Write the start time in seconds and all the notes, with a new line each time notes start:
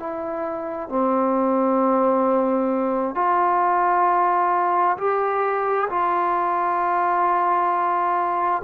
0.00 E4
0.89 C4
3.15 F4
4.98 G4
5.90 F4